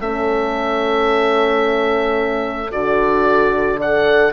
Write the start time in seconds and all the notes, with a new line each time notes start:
0.00 A3 C#4 A4 E5
2.71 D3 F#4 D5
3.77 A4 D5 F#5